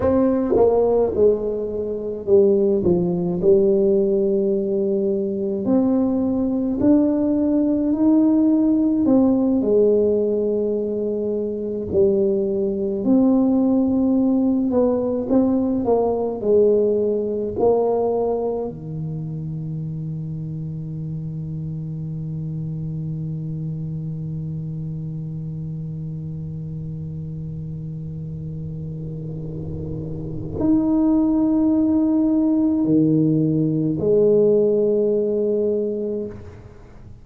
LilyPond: \new Staff \with { instrumentName = "tuba" } { \time 4/4 \tempo 4 = 53 c'8 ais8 gis4 g8 f8 g4~ | g4 c'4 d'4 dis'4 | c'8 gis2 g4 c'8~ | c'4 b8 c'8 ais8 gis4 ais8~ |
ais8 dis2.~ dis8~ | dis1~ | dis2. dis'4~ | dis'4 dis4 gis2 | }